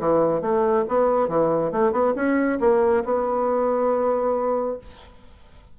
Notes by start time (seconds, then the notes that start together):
0.00 E3
0.42 A3
0.89 B3
1.29 E3
1.72 A3
1.92 B3
2.16 C#4
2.61 A#3
3.05 B3